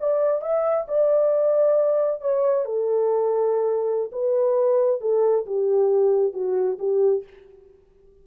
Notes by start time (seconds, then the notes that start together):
0.00 D5
0.42 E5
0.88 D5
2.21 C#5
2.65 A4
4.12 B4
5.01 A4
5.46 G4
6.33 F#4
6.79 G4